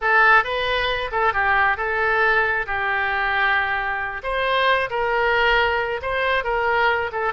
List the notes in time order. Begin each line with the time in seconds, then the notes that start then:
0.01 A4
0.44 B4
1.11 A4
1.33 G4
1.77 A4
2.66 G4
4.23 C5
4.89 A#4
6.02 C5
6.44 A#4
7.12 A4